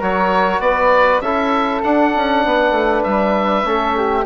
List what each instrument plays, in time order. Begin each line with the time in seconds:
0.00 bassoon F#3, trombone F#4, flute A#4, oboe C#5
0.60 bassoon B3, flute B4, oboe D5
1.22 bassoon C#4, trombone E4, flute A4, oboe E5
1.84 trombone D4, bassoon D4, oboe F#5
2.16 bassoon C#4
2.46 bassoon B3, flute B4
2.72 bassoon A3
3.04 bassoon G3, oboe E5
3.64 bassoon A3, trombone C#4, flute A4
3.98 flute G4